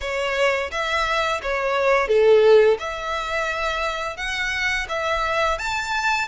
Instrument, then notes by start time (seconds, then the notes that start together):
violin
0.01 C#5
0.71 E5
1.42 C#5
2.07 A4
2.79 E5
4.17 F#5
4.88 E5
5.58 A5